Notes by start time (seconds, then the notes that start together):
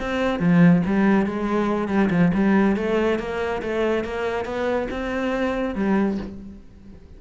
0.00 C4
0.40 F3
0.86 G3
1.26 G#3
1.88 G3
2.10 F3
2.34 G3
2.76 A3
3.19 A#3
3.62 A3
4.04 A#3
4.45 B3
4.91 C4
5.75 G3